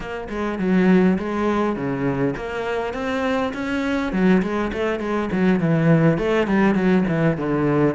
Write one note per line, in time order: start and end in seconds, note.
0.00 0.28 A#3
0.29 0.58 G#3
0.59 1.17 F#3
1.18 1.76 G#3
1.76 2.34 C#3
2.36 2.93 A#3
2.93 3.52 C4
3.53 4.12 C#4
4.12 4.41 F#3
4.42 4.71 G#3
4.72 4.99 A3
4.99 5.29 G#3
5.32 5.60 F#3
5.60 6.18 E3
6.18 6.47 A3
6.47 6.74 G3
6.74 7.04 F#3
7.07 7.37 E3
7.37 7.95 D3